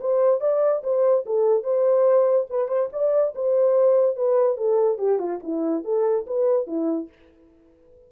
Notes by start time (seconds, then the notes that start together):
0.00 C5
0.40 D5
0.83 C5
1.25 A4
1.63 C5
2.49 B4
2.68 C5
2.92 D5
3.34 C5
4.16 B4
4.57 A4
4.98 G4
5.19 F4
5.43 E4
5.84 A4
6.26 B4
6.66 E4